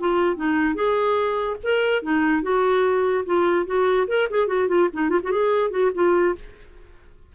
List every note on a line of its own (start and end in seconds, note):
0.00 0.37 F4
0.37 0.75 D#4
0.75 1.57 G#4
1.63 2.03 A#4
2.03 2.43 D#4
2.43 3.25 F#4
3.26 3.67 F4
3.67 4.08 F#4
4.08 4.29 A#4
4.30 4.48 G#4
4.48 4.68 F#4
4.69 4.89 F4
4.94 5.10 D#4
5.10 5.20 F4
5.24 5.32 F#4
5.32 5.71 G#4
5.71 5.91 F#4
5.95 6.36 F4